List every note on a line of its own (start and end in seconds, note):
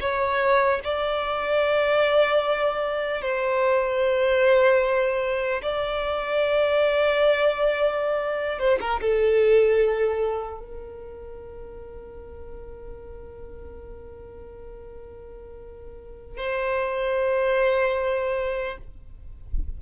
0.00 0.80 C#5
0.84 3.21 D5
3.21 5.61 C5
5.62 8.59 D5
8.59 8.79 C5
8.80 9.00 A#4
9.00 10.59 A4
10.59 16.37 A#4
16.37 18.77 C5